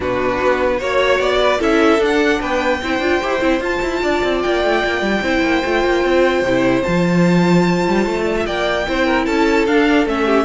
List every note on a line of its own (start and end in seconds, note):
0.00 0.40 B2
0.00 0.80 D4
0.00 0.77 F#4
0.00 0.80 B4
0.41 0.81 B3
0.77 1.19 A#3
0.77 1.59 F#4
0.77 1.37 C#5
0.77 1.20 C#5
1.19 1.59 B3
1.19 1.61 D5
1.40 1.59 B4
1.59 1.99 C#4
1.59 1.99 E4
1.59 2.39 A4
1.59 2.03 E5
1.99 2.39 D4
1.99 2.80 D4
1.99 2.41 F#5
2.40 2.81 B3
2.40 2.80 B4
2.40 3.62 G5
2.82 2.99 C4
2.82 3.01 E4
2.82 4.03 C5
2.99 3.19 D4
2.99 3.21 F4
3.21 3.41 E4
3.21 3.40 G4
3.40 3.60 C4
3.40 3.60 E4
3.60 3.80 F4
3.60 5.22 F4
3.60 4.41 A5
3.82 4.02 E4
4.02 4.22 D4
4.02 5.23 D5
4.23 4.43 C4
4.41 4.64 A#3
4.41 6.82 G5
4.64 4.84 A3
4.84 5.01 A#3
5.01 5.21 G3
5.21 5.42 C4
5.21 5.64 E4
5.21 8.24 C5
5.42 5.62 A#3
5.64 5.84 A3
5.64 6.45 F4
5.84 6.04 A#3
6.04 6.42 C4
6.42 6.82 C3
6.42 6.83 E4
6.82 7.87 F3
6.82 8.84 F4
6.82 8.43 A5
7.87 8.06 G3
8.06 8.46 A3
8.24 8.34 D5
8.37 8.46 E5
8.46 8.87 A#3
8.46 8.86 D5
8.46 9.25 G5
8.87 9.27 C4
8.87 9.67 E4
8.87 9.05 C5
9.05 9.25 A#4
9.25 9.67 C#4
9.25 10.25 A4
9.25 9.65 A5
9.66 10.06 D4
9.66 10.07 F5
10.06 10.44 A3
10.06 10.44 C#4
10.06 10.44 E5
10.25 10.44 G4